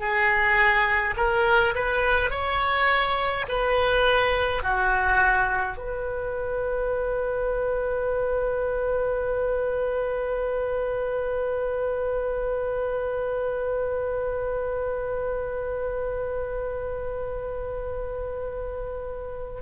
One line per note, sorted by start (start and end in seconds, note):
0.00 1.15 G#4
1.17 1.75 A#4
1.75 2.31 B4
2.31 3.46 C#5
3.49 4.63 B4
4.63 5.77 F#4
5.77 19.62 B4